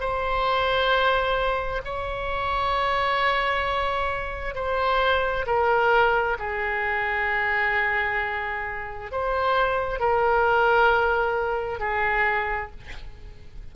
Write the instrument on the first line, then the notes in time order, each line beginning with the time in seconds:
oboe
0.00 C5
1.85 C#5
4.55 C5
5.46 A#4
6.39 G#4
9.12 C5
10.00 A#4
11.80 G#4